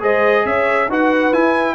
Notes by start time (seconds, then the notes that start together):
0.00 G#3 G#4 C5 D#5
0.45 C#4 C#5 E5
0.88 D#4 F#4 B4 F#5
1.32 E4 G#5